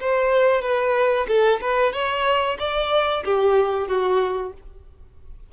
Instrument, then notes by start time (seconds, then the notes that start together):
violin
0.00 C5
0.62 B4
1.28 A4
1.61 B4
1.93 C#5
2.59 D5
3.24 G4
3.88 F#4